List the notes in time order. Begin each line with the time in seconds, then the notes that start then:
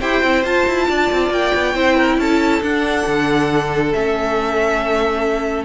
0.00 E4 G4 C5 G5
0.22 C4 E4
0.44 F4 A5
0.67 E4
0.88 D4 D5
1.12 C4
1.30 A#3 G5
1.54 B3
1.75 C4 E4 C5
1.96 A#4
2.17 C#4 A4 A5
2.62 D4 F#5
3.07 D3
3.93 A3 C#4 E5